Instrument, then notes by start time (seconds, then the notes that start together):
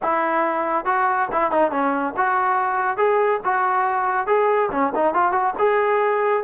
trombone
0.02 E4
0.85 F#4
1.31 E4
1.51 D#4
1.71 C#4
2.16 F#4
2.97 G#4
3.44 F#4
4.26 G#4
4.71 C#4
4.95 D#4
5.14 F4
5.32 F#4
5.58 G#4